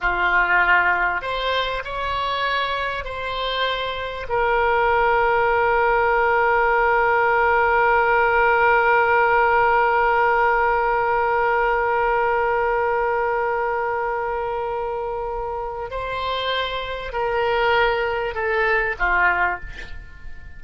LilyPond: \new Staff \with { instrumentName = "oboe" } { \time 4/4 \tempo 4 = 98 f'2 c''4 cis''4~ | cis''4 c''2 ais'4~ | ais'1~ | ais'1~ |
ais'1~ | ais'1~ | ais'2 c''2 | ais'2 a'4 f'4 | }